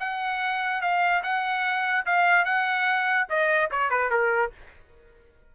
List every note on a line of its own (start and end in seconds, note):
0.00 0.82 F#5
0.82 1.23 F5
1.23 2.06 F#5
2.06 2.45 F5
2.45 3.27 F#5
3.30 3.71 D#5
3.71 3.91 C#5
3.91 4.11 B4
4.11 4.52 A#4